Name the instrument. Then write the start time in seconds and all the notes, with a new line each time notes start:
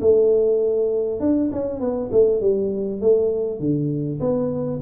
tuba
0.00 A3
1.20 D4
1.52 C#4
1.80 B3
2.11 A3
2.40 G3
3.00 A3
3.59 D3
4.19 B3